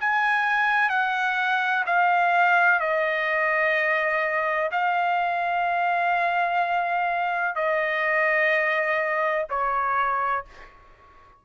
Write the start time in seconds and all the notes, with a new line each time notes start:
0.00 G#5
0.89 F#5
1.86 F5
2.80 D#5
4.71 F5
7.55 D#5
9.50 C#5